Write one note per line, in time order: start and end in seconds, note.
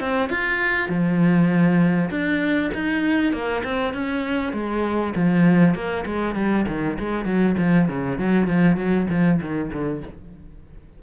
0.00 0.29 C4
0.29 0.89 F4
0.89 2.10 F3
2.10 2.71 D4
2.74 3.33 D#4
3.33 3.63 A#3
3.64 3.93 C4
3.93 4.53 C#4
4.53 5.13 G#3
5.15 5.75 F3
5.75 6.05 A#3
6.06 6.35 G#3
6.35 6.66 G3
6.68 6.98 D#3
6.99 7.25 G#3
7.25 7.56 F#3
7.58 7.88 F3
7.88 8.18 C#3
8.18 8.47 F#3
8.47 8.77 F3
8.77 9.07 F#3
9.10 9.40 F3
9.41 9.71 D#3
9.72 10.02 D3